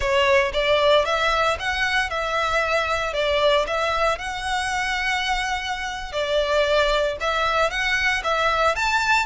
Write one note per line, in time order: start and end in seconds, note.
0.00 0.51 C#5
0.53 1.05 D5
1.05 1.57 E5
1.59 2.10 F#5
2.10 3.13 E5
3.13 3.65 D5
3.66 4.18 E5
4.18 6.12 F#5
6.12 7.16 D5
7.20 7.70 E5
7.70 8.22 F#5
8.23 8.75 E5
8.75 9.25 A5